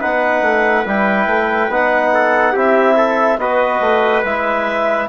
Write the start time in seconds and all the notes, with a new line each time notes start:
0.00 B3 D#4 B4 F#5
0.42 A3
0.85 G3 E4 G5
1.26 A3
1.68 B3 D#4 F#5
2.13 A4
2.52 C4 E4 G4 E5
2.97 A4
3.37 B3 F#4 B4 D#5
3.80 A3
4.24 G#3 E4 E5